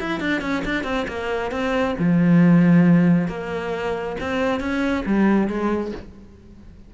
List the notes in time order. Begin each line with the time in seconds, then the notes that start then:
0.00 E4
0.20 D4
0.42 C#4
0.65 D4
0.84 C4
1.08 A#3
1.52 C4
1.99 F3
3.28 A#3
4.21 C4
4.60 C#4
5.06 G3
5.48 G#3